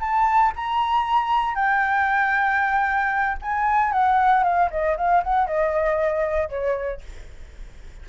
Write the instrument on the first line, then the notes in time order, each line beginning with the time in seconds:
flute
0.00 A5
0.56 A#5
1.55 G5
3.42 G#5
3.92 F#5
4.43 F5
4.71 D#5
4.97 F5
5.23 F#5
5.47 D#5
6.49 C#5